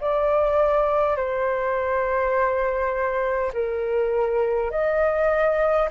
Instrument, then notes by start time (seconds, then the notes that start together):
flute
0.00 D5
1.16 C5
3.53 A#4
4.71 D#5